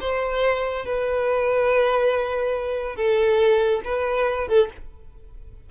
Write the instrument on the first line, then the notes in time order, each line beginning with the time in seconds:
violin
0.00 C5
0.85 B4
2.96 A4
3.84 B4
4.48 A4